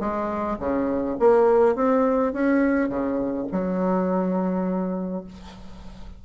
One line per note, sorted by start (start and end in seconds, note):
0.00 0.58 G#3
0.60 1.17 C#3
1.20 1.76 A#3
1.76 2.33 C4
2.33 2.89 C#4
2.89 3.47 C#3
3.52 5.25 F#3